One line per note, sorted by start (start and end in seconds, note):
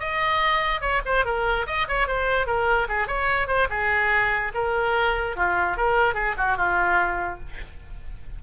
0.00 0.81 D#5
0.81 1.01 C#5
1.05 1.25 C5
1.25 1.66 A#4
1.67 1.87 D#5
1.88 2.07 C#5
2.07 2.46 C5
2.46 2.87 A#4
2.89 3.07 G#4
3.07 3.47 C#5
3.47 3.68 C5
3.70 4.52 G#4
4.54 5.36 A#4
5.36 5.77 F4
5.77 6.14 A#4
6.14 6.35 G#4
6.37 6.57 F#4
6.57 7.39 F4